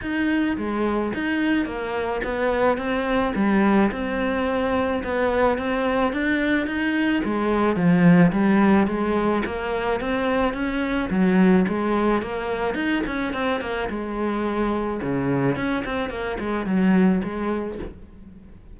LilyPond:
\new Staff \with { instrumentName = "cello" } { \time 4/4 \tempo 4 = 108 dis'4 gis4 dis'4 ais4 | b4 c'4 g4 c'4~ | c'4 b4 c'4 d'4 | dis'4 gis4 f4 g4 |
gis4 ais4 c'4 cis'4 | fis4 gis4 ais4 dis'8 cis'8 | c'8 ais8 gis2 cis4 | cis'8 c'8 ais8 gis8 fis4 gis4 | }